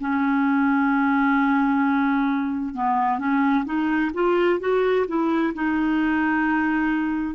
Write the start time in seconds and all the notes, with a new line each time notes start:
0.00 C#4
2.74 B3
3.18 C#4
3.65 D#4
4.13 F4
4.59 F#4
5.07 E4
5.53 D#4